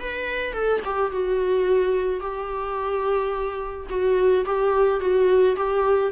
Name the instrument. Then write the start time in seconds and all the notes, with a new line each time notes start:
viola
0.00 B4
0.53 A4
0.85 G4
1.12 F#4
2.21 G4
3.90 F#4
4.46 G4
5.01 F#4
5.57 G4